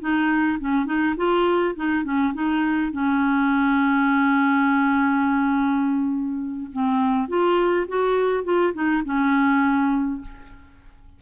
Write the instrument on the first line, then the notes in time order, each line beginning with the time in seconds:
clarinet
0.00 D#4
0.59 C#4
0.85 D#4
1.17 F4
1.75 D#4
2.04 C#4
2.33 D#4
2.92 C#4
6.72 C4
7.28 F4
7.88 F#4
8.44 F4
8.73 D#4
9.05 C#4